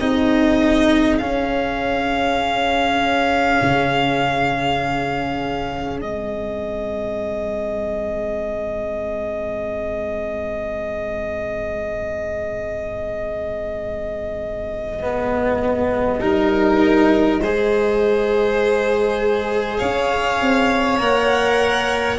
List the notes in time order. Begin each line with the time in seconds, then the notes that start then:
0.00 C4 D#4 G#4 D#5
1.18 C#4 F5
3.62 C#3
6.02 G#3 C4 D#5
15.02 B3
16.21 G3 D#4 A#4
17.40 G#3 G#4 C5
19.78 C#4 C#5 F5
20.41 C4
20.98 A#3 A#4 F#5